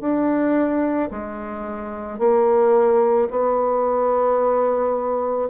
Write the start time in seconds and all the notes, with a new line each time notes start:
0.00 D4
1.11 G#3
2.18 A#3
3.30 B3